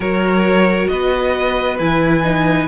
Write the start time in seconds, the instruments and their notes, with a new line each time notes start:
0.00 cello F#3, viola F#4, violin A#4 C#5
0.88 cello B3, violin B4 D#5
1.79 cello E3, viola E4, violin G#5
2.23 viola D#4